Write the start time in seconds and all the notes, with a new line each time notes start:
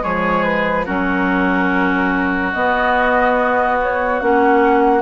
0.00 F3 G#3 G#4 C#5
0.43 B4
0.85 F#3 C#4 F#4 A#4
2.52 B3 D#5
3.82 C#5
4.19 A#3 C#4 F#5